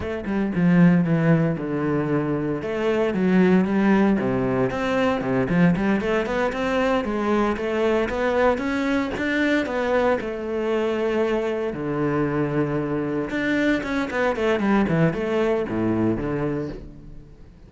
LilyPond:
\new Staff \with { instrumentName = "cello" } { \time 4/4 \tempo 4 = 115 a8 g8 f4 e4 d4~ | d4 a4 fis4 g4 | c4 c'4 c8 f8 g8 a8 | b8 c'4 gis4 a4 b8~ |
b8 cis'4 d'4 b4 a8~ | a2~ a8 d4.~ | d4. d'4 cis'8 b8 a8 | g8 e8 a4 a,4 d4 | }